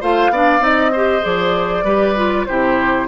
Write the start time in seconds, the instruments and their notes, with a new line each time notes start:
0.00 bassoon A3, clarinet F4, oboe C5, flute F5
0.30 bassoon B3, clarinet D4, oboe D5
0.59 bassoon C4, clarinet D#4, flute D#5
0.92 clarinet G4, oboe C5
1.21 bassoon F3, clarinet G#4, flute D5
1.83 bassoon G3, clarinet G4, oboe B4
2.16 clarinet F4
2.46 bassoon C3, clarinet E4, oboe G4, flute C5